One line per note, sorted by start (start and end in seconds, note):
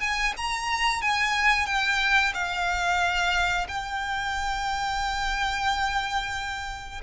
0.00 0.33 G#5
0.37 1.02 A#5
1.02 1.66 G#5
1.66 2.33 G5
2.34 3.67 F5
3.68 7.02 G5